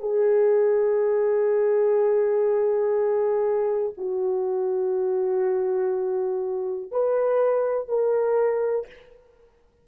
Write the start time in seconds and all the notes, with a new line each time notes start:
0.00 G#4
3.98 F#4
6.92 B4
7.89 A#4